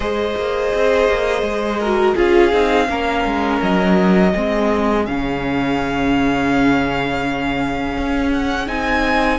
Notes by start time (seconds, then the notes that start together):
0.00 G#3 G#4 C5 D#5
0.36 A#3
0.73 C4
1.08 A#3
1.41 G#3
1.79 F#4 A#4
2.14 C#4 F4 G#4 F5
2.52 C4 D#4
2.87 A#3 C#4 A#4
3.25 G#3
3.61 F#3 D#5
4.32 G#3 C4 G#4
5.06 C#3 C#4 F5
7.98 C#4
8.32 F#5
8.66 C4 D#4 G#5